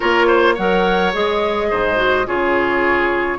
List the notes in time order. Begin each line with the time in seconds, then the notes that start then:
0.00 A#3 F4 A#4 C#5
0.27 C5
0.54 F#3 A#4 C#5 F#5
1.13 G#3 G#4 D#5
1.70 G#2 C5
1.96 F#4
2.26 C#3 F4 G#4 C#5